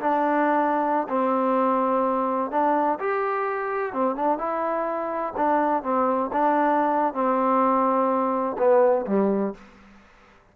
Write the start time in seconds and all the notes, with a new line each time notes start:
0.00 D4
1.08 C4
2.51 D4
2.99 G4
3.93 C4
4.16 D4
4.38 E4
5.36 D4
5.83 C4
6.33 D4
7.13 C4
8.58 B3
9.07 G3